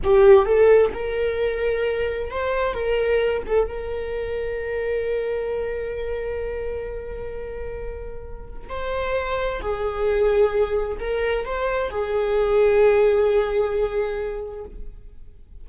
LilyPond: \new Staff \with { instrumentName = "viola" } { \time 4/4 \tempo 4 = 131 g'4 a'4 ais'2~ | ais'4 c''4 ais'4. a'8 | ais'1~ | ais'1~ |
ais'2. c''4~ | c''4 gis'2. | ais'4 c''4 gis'2~ | gis'1 | }